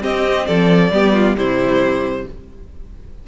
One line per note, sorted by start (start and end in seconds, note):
0.00 0.90 C4
0.00 0.48 C4
0.00 0.46 G4
0.00 0.47 D#5
0.47 0.91 F3
0.47 0.92 A4
0.47 1.36 D5
0.91 1.35 G3
0.91 1.37 B3
0.91 1.13 G4
1.13 1.36 F4
1.35 2.25 C3
1.35 2.27 G3
1.35 2.27 E4
1.35 2.27 C5